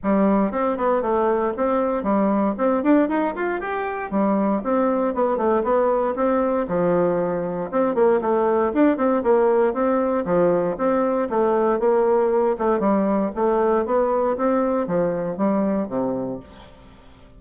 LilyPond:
\new Staff \with { instrumentName = "bassoon" } { \time 4/4 \tempo 4 = 117 g4 c'8 b8 a4 c'4 | g4 c'8 d'8 dis'8 f'8 g'4 | g4 c'4 b8 a8 b4 | c'4 f2 c'8 ais8 |
a4 d'8 c'8 ais4 c'4 | f4 c'4 a4 ais4~ | ais8 a8 g4 a4 b4 | c'4 f4 g4 c4 | }